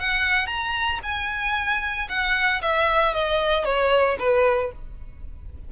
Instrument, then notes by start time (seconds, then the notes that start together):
violin
0.00 F#5
0.47 A#5
1.03 G#5
2.09 F#5
2.62 E5
3.14 D#5
3.65 C#5
4.19 B4